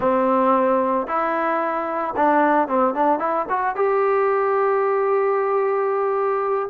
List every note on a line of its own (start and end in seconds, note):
0.00 1.07 C4
1.07 2.14 E4
2.16 2.67 D4
2.67 2.94 C4
2.94 3.19 D4
3.19 3.46 E4
3.49 3.75 F#4
3.75 6.69 G4